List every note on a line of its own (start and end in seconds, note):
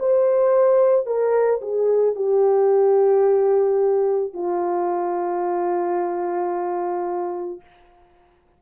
0.00 1.07 C5
1.07 1.61 A#4
1.62 2.16 G#4
2.16 4.33 G4
4.33 7.61 F4